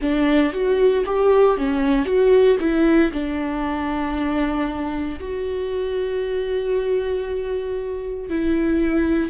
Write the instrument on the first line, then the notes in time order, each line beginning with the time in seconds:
viola
0.01 D4
0.52 F#4
1.05 G4
1.57 C#4
2.05 F#4
2.59 E4
3.12 D4
5.20 F#4
8.29 E4